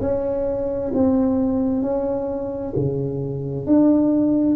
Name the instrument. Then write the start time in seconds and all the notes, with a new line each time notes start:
tuba
0.00 C#4
0.93 C4
1.82 C#4
2.75 C#3
3.66 D4